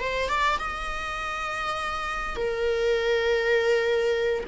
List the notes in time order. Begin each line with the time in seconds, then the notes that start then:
0.00 C5
0.29 D5
0.59 D#5
2.37 A#4